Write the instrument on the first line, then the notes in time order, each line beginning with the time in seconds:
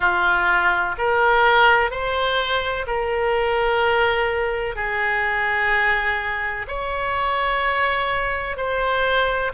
oboe
0.00 F4
0.97 A#4
1.90 C5
2.86 A#4
4.75 G#4
6.67 C#5
8.57 C5